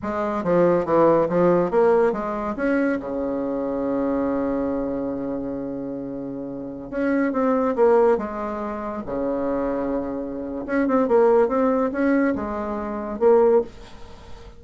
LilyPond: \new Staff \with { instrumentName = "bassoon" } { \time 4/4 \tempo 4 = 141 gis4 f4 e4 f4 | ais4 gis4 cis'4 cis4~ | cis1~ | cis1~ |
cis16 cis'4 c'4 ais4 gis8.~ | gis4~ gis16 cis2~ cis8.~ | cis4 cis'8 c'8 ais4 c'4 | cis'4 gis2 ais4 | }